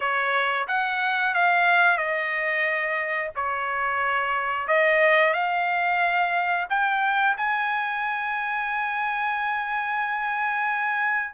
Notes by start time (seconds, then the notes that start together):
0.00 C#5
0.67 F#5
1.34 F5
1.97 D#5
3.35 C#5
4.67 D#5
5.33 F5
6.69 G5
7.37 G#5